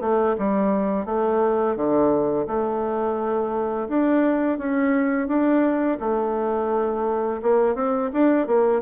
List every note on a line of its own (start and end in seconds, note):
0.00 0.35 A3
0.38 1.05 G3
1.05 1.76 A3
1.76 2.46 D3
2.47 3.88 A3
3.88 4.58 D4
4.58 5.27 C#4
5.27 5.98 D4
6.00 7.41 A3
7.42 7.75 A#3
7.75 8.10 C4
8.13 8.47 D4
8.47 8.81 A#3